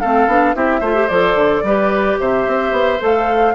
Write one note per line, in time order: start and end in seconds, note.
0.00 0.27 A3
0.00 0.29 C4
0.00 0.55 A4
0.00 0.55 F5
0.27 0.54 B3
0.27 0.55 D4
0.55 0.81 C4
0.55 0.82 E4
0.55 0.80 G4
0.55 1.08 E5
0.80 1.08 A3
0.80 0.94 F4
0.80 1.62 C5
0.94 1.08 G4
1.08 1.35 F3
1.08 1.65 A4
1.08 2.17 D5
1.35 1.62 D3
1.63 2.18 G3
1.63 2.99 G4
1.63 2.20 B4
2.20 2.47 C3
2.20 3.55 C5
2.20 3.02 E5
2.47 2.72 C4
2.72 2.99 B3
2.99 3.55 A3
2.99 3.54 A4
2.99 3.55 F5